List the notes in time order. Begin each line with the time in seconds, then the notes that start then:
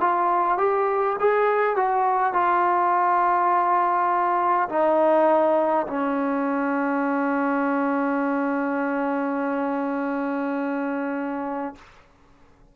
0.00 F4
0.58 G4
1.20 G#4
1.76 F#4
2.33 F4
4.69 D#4
5.87 C#4